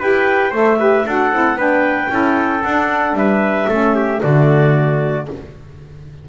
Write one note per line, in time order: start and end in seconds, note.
0.00 0.52 E4
0.00 0.52 G4
0.00 0.51 B4
0.00 0.54 G5
0.51 1.05 A3
0.51 0.78 A4
0.51 0.77 C5
0.51 1.08 E5
0.78 1.05 G4
0.78 1.06 B4
1.06 1.33 D4
1.06 1.32 F#4
1.06 1.58 A4
1.06 1.60 F#5
1.32 1.56 C4
1.32 1.57 E4
1.56 2.08 B3
1.56 2.09 D4
1.56 2.11 B4
1.56 2.63 G5
2.09 2.63 C#4
2.09 2.62 E4
2.09 3.18 A4
2.63 3.13 D4
2.63 3.70 D4
2.63 3.16 F#5
3.13 3.66 G3
3.13 3.69 B4
3.13 4.21 E5
3.69 4.22 A3
3.69 4.20 C#4
3.69 3.95 A4
3.95 4.21 G4
4.20 5.29 D3
4.20 5.25 A3
4.20 5.27 F#4
4.20 5.27 D5